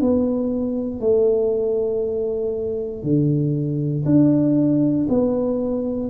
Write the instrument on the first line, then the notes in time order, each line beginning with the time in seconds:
tuba
0.00 B3
1.00 A3
3.03 D3
4.05 D4
5.08 B3